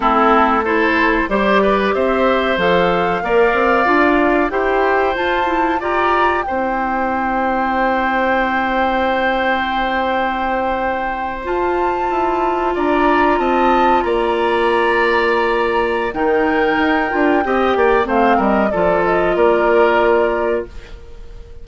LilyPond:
<<
  \new Staff \with { instrumentName = "flute" } { \time 4/4 \tempo 4 = 93 a'4 c''4 d''4 e''4 | f''2. g''4 | a''4 ais''4 g''2~ | g''1~ |
g''4.~ g''16 a''2 ais''16~ | ais''8. a''4 ais''2~ ais''16~ | ais''4 g''2. | f''8 dis''8 d''8 dis''8 d''2 | }
  \new Staff \with { instrumentName = "oboe" } { \time 4/4 e'4 a'4 c''8 b'8 c''4~ | c''4 d''2 c''4~ | c''4 d''4 c''2~ | c''1~ |
c''2.~ c''8. d''16~ | d''8. dis''4 d''2~ d''16~ | d''4 ais'2 dis''8 d''8 | c''8 ais'8 a'4 ais'2 | }
  \new Staff \with { instrumentName = "clarinet" } { \time 4/4 c'4 e'4 g'2 | a'4 ais'4 f'4 g'4 | f'8 e'8 f'4 e'2~ | e'1~ |
e'4.~ e'16 f'2~ f'16~ | f'1~ | f'4 dis'4. f'8 g'4 | c'4 f'2. | }
  \new Staff \with { instrumentName = "bassoon" } { \time 4/4 a2 g4 c'4 | f4 ais8 c'8 d'4 e'4 | f'4 g'4 c'2~ | c'1~ |
c'4.~ c'16 f'4 e'4 d'16~ | d'8. c'4 ais2~ ais16~ | ais4 dis4 dis'8 d'8 c'8 ais8 | a8 g8 f4 ais2 | }
>>